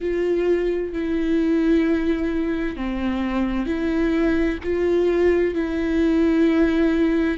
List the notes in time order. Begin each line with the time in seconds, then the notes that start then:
0.00 F4
0.92 E4
2.76 C4
3.66 E4
4.63 F4
5.54 E4